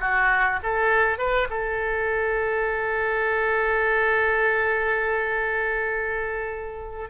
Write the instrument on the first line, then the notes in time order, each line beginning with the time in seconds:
oboe
0.00 F#4
0.63 A4
1.18 B4
1.49 A4